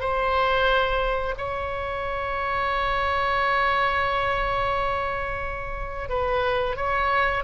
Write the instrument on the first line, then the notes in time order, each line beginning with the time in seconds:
oboe
0.00 C5
1.38 C#5
6.09 B4
6.76 C#5